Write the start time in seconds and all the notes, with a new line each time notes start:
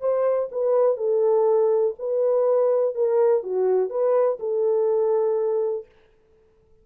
0.00 C5
0.51 B4
0.96 A4
1.98 B4
2.94 A#4
3.43 F#4
3.89 B4
4.39 A4